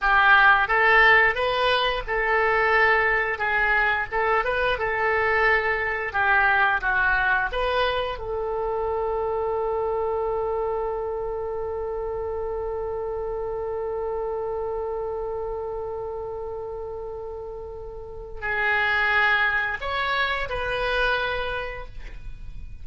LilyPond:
\new Staff \with { instrumentName = "oboe" } { \time 4/4 \tempo 4 = 88 g'4 a'4 b'4 a'4~ | a'4 gis'4 a'8 b'8 a'4~ | a'4 g'4 fis'4 b'4 | a'1~ |
a'1~ | a'1~ | a'2. gis'4~ | gis'4 cis''4 b'2 | }